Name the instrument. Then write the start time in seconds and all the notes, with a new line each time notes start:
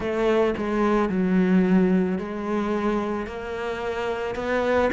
cello
0.00 A3
0.57 G#3
1.09 F#3
2.18 G#3
3.26 A#3
4.35 B3